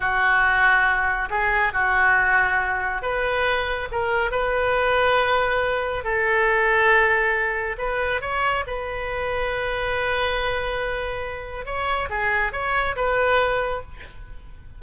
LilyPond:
\new Staff \with { instrumentName = "oboe" } { \time 4/4 \tempo 4 = 139 fis'2. gis'4 | fis'2. b'4~ | b'4 ais'4 b'2~ | b'2 a'2~ |
a'2 b'4 cis''4 | b'1~ | b'2. cis''4 | gis'4 cis''4 b'2 | }